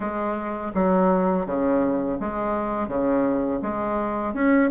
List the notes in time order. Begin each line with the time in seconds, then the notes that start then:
0.00 G#3
0.74 F#3
1.46 C#3
2.19 G#3
2.88 C#3
3.62 G#3
4.34 C#4